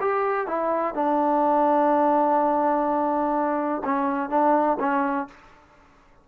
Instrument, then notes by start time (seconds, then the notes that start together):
trombone
0.00 G4
0.47 E4
0.94 D4
3.84 C#4
4.29 D4
4.79 C#4